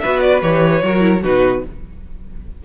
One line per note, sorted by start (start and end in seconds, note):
0.00 0.42 B3
0.00 0.41 F#4
0.00 0.83 B4
0.00 0.20 E5
0.21 0.41 D5
0.41 0.83 E3
0.41 0.82 G4
0.41 1.24 C#5
0.83 1.24 F#3
0.83 1.00 F#4
0.83 1.22 A#4
1.00 1.21 E4
1.22 1.64 B2
1.22 1.65 D#4
1.22 1.63 F#4
1.22 1.65 B4